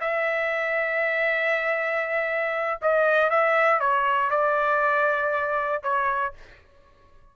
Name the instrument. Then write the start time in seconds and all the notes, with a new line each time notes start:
trumpet
0.00 E5
2.81 D#5
3.30 E5
3.80 C#5
4.30 D5
5.82 C#5